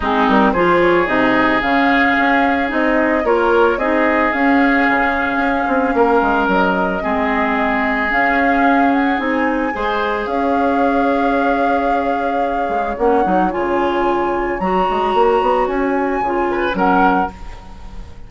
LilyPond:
<<
  \new Staff \with { instrumentName = "flute" } { \time 4/4 \tempo 4 = 111 gis'8 ais'8 c''8 cis''8 dis''4 f''4~ | f''4 dis''4 cis''4 dis''4 | f''1 | dis''2. f''4~ |
f''8 fis''8 gis''2 f''4~ | f''1 | fis''4 gis''2 ais''4~ | ais''4 gis''2 fis''4 | }
  \new Staff \with { instrumentName = "oboe" } { \time 4/4 dis'4 gis'2.~ | gis'2 ais'4 gis'4~ | gis'2. ais'4~ | ais'4 gis'2.~ |
gis'2 c''4 cis''4~ | cis''1~ | cis''1~ | cis''2~ cis''8 b'8 ais'4 | }
  \new Staff \with { instrumentName = "clarinet" } { \time 4/4 c'4 f'4 dis'4 cis'4~ | cis'4 dis'4 f'4 dis'4 | cis'1~ | cis'4 c'2 cis'4~ |
cis'4 dis'4 gis'2~ | gis'1 | cis'8 dis'8 f'2 fis'4~ | fis'2 f'4 cis'4 | }
  \new Staff \with { instrumentName = "bassoon" } { \time 4/4 gis8 g8 f4 c4 cis4 | cis'4 c'4 ais4 c'4 | cis'4 cis4 cis'8 c'8 ais8 gis8 | fis4 gis2 cis'4~ |
cis'4 c'4 gis4 cis'4~ | cis'2.~ cis'8 gis8 | ais8 fis8 cis2 fis8 gis8 | ais8 b8 cis'4 cis4 fis4 | }
>>